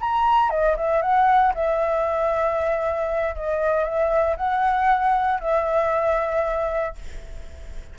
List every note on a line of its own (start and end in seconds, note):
0.00 0.50 A#5
0.50 0.76 D#5
0.77 1.02 E5
1.02 1.54 F#5
1.55 3.36 E5
3.36 3.84 D#5
3.84 4.36 E5
4.37 5.40 F#5
5.40 6.95 E5